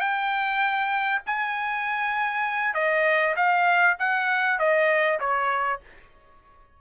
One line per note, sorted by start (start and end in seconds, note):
0.00 1.21 G5
1.26 2.74 G#5
2.74 3.35 D#5
3.36 3.97 F5
3.99 4.59 F#5
4.59 5.19 D#5
5.19 5.80 C#5